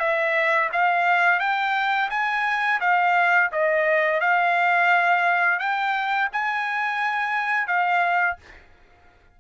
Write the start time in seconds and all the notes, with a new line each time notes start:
0.00 E5
0.73 F5
1.40 G5
2.10 G#5
2.81 F5
3.52 D#5
4.21 F5
5.59 G5
6.33 G#5
7.67 F5